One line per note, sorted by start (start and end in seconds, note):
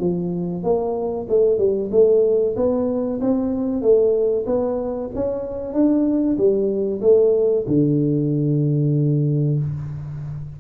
0.00 0.63 F3
0.63 1.27 A#3
1.29 1.58 A3
1.58 1.90 G3
1.91 2.55 A3
2.56 3.20 B3
3.21 3.82 C4
3.82 4.46 A3
4.47 5.10 B3
5.15 5.73 C#4
5.73 6.37 D4
6.37 7.01 G3
7.02 7.65 A3
7.67 9.59 D3